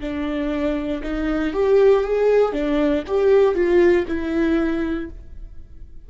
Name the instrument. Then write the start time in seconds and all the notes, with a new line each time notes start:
viola
0.00 D4
1.03 D#4
1.53 G4
2.04 G#4
2.52 D4
3.07 G4
3.55 F4
4.08 E4